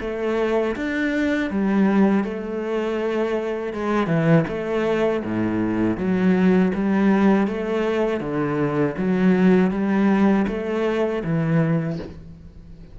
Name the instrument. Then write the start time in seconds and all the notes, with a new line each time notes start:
cello
0.00 A3
0.76 D4
1.50 G3
2.24 A3
3.73 G#3
4.07 E3
4.48 A3
5.23 A2
5.97 F#3
6.74 G3
7.47 A3
8.20 D3
8.97 F#3
9.71 G3
10.47 A3
11.24 E3